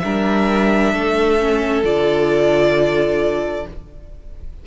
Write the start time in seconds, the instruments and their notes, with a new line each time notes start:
0.00 cello G3, viola D4, violin A#4 E5
0.93 cello A3, violin A4
1.40 viola C#4
1.84 cello D3, viola F4, violin D5